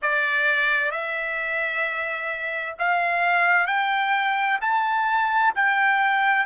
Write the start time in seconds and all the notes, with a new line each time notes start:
0.02 D5
0.91 E5
2.78 F5
3.66 G5
4.61 A5
5.55 G5